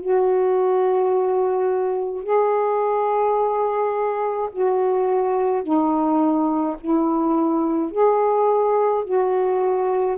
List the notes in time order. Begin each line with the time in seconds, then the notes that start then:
0.00 F#4
2.23 G#4
4.52 F#4
5.63 D#4
6.80 E4
7.91 G#4
9.04 F#4